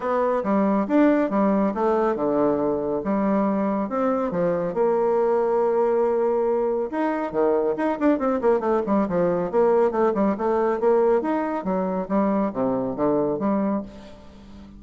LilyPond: \new Staff \with { instrumentName = "bassoon" } { \time 4/4 \tempo 4 = 139 b4 g4 d'4 g4 | a4 d2 g4~ | g4 c'4 f4 ais4~ | ais1 |
dis'4 dis4 dis'8 d'8 c'8 ais8 | a8 g8 f4 ais4 a8 g8 | a4 ais4 dis'4 fis4 | g4 c4 d4 g4 | }